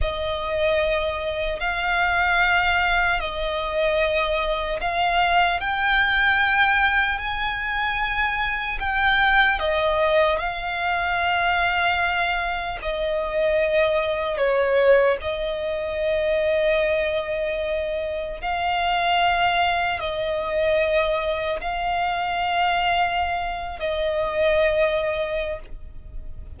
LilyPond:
\new Staff \with { instrumentName = "violin" } { \time 4/4 \tempo 4 = 75 dis''2 f''2 | dis''2 f''4 g''4~ | g''4 gis''2 g''4 | dis''4 f''2. |
dis''2 cis''4 dis''4~ | dis''2. f''4~ | f''4 dis''2 f''4~ | f''4.~ f''16 dis''2~ dis''16 | }